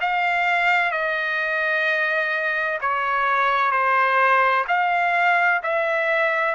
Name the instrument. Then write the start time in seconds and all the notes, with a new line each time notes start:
trumpet
0.00 F5
0.91 D#5
2.81 C#5
3.71 C5
4.67 F5
5.62 E5